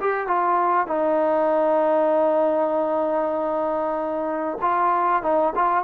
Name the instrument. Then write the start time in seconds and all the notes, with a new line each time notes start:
trombone
0.00 G4
0.27 F4
0.87 D#4
4.61 F4
5.23 D#4
5.55 F4